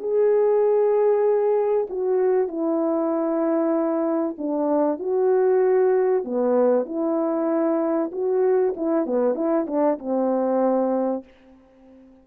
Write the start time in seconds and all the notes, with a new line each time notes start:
0.00 G#4
1.90 F#4
2.48 E4
4.38 D4
5.00 F#4
6.25 B3
6.86 E4
8.12 F#4
8.76 E4
9.07 B3
9.35 E4
9.67 D4
9.99 C4